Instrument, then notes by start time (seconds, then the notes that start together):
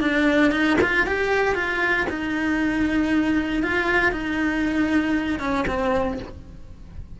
cello
0.00 D4
0.51 D#4
0.81 F4
1.06 G4
1.55 F4
2.09 D#4
3.63 F4
4.12 D#4
5.39 C#4
5.67 C4